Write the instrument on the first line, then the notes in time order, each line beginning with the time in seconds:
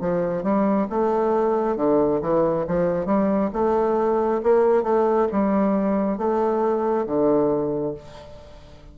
bassoon
0.00 F3
0.43 G3
0.89 A3
1.76 D3
2.21 E3
2.67 F3
3.06 G3
3.53 A3
4.43 A#3
4.83 A3
5.31 G3
6.17 A3
7.06 D3